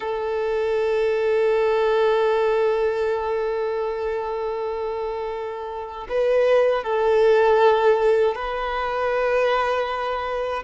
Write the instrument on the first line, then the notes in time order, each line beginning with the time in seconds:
violin
0.00 A4
6.09 B4
6.83 A4
8.35 B4